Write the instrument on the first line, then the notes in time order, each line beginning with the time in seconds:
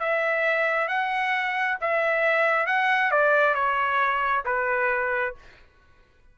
trumpet
0.00 E5
0.89 F#5
1.82 E5
2.67 F#5
3.12 D5
3.55 C#5
4.46 B4